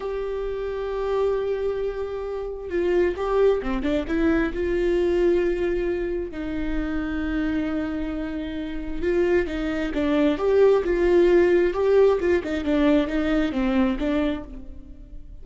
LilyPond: \new Staff \with { instrumentName = "viola" } { \time 4/4 \tempo 4 = 133 g'1~ | g'2 f'4 g'4 | c'8 d'8 e'4 f'2~ | f'2 dis'2~ |
dis'1 | f'4 dis'4 d'4 g'4 | f'2 g'4 f'8 dis'8 | d'4 dis'4 c'4 d'4 | }